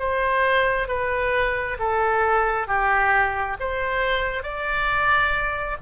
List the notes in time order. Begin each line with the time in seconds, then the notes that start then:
0.00 C5
0.88 B4
1.80 A4
2.68 G4
3.60 C5
4.43 D5